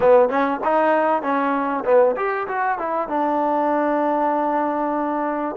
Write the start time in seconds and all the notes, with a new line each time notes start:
0.00 B3
0.29 C#4
0.64 D#4
1.22 C#4
1.84 B3
2.16 G4
2.47 F#4
2.78 E4
3.08 D4